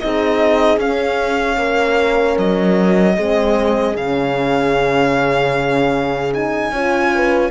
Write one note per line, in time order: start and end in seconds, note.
0.00 0.78 C4
0.00 0.79 D#4
0.00 1.58 G#4
0.00 0.79 D#5
0.78 1.57 C#4
0.78 3.16 C#4
0.78 2.37 F5
1.57 2.36 A#3
1.57 3.16 A#4
2.38 3.17 F#3
2.38 3.96 D#5
3.16 3.95 G#3
3.16 3.96 C4
3.16 6.71 G#4
3.95 6.71 C#3
3.95 6.33 C#4
3.95 6.33 F5
6.33 6.73 D#4
6.33 7.51 G#5
6.71 7.50 C#4
6.71 7.51 F4
6.71 7.12 C#5
7.15 7.51 B4